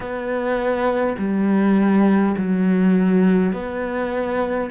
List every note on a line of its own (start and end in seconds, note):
0.00 1.16 B3
1.18 2.35 G3
2.37 3.52 F#3
3.52 4.70 B3